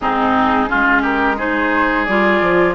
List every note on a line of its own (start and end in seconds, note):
0.00 0.70 G#2
0.00 0.67 C4
0.00 0.69 D#4
0.00 1.03 G#4
0.67 1.36 C#4
0.67 1.02 F4
0.73 2.07 G#3
1.02 1.36 G4
1.02 1.38 A#4
1.37 2.06 D#4
1.37 2.74 G#4
1.37 2.05 C5
2.05 2.41 G3
2.05 2.74 F4
2.05 2.74 D5
2.41 2.74 F3